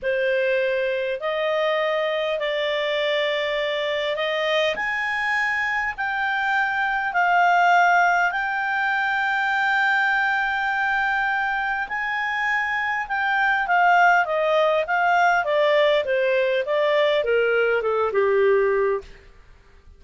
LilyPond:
\new Staff \with { instrumentName = "clarinet" } { \time 4/4 \tempo 4 = 101 c''2 dis''2 | d''2. dis''4 | gis''2 g''2 | f''2 g''2~ |
g''1 | gis''2 g''4 f''4 | dis''4 f''4 d''4 c''4 | d''4 ais'4 a'8 g'4. | }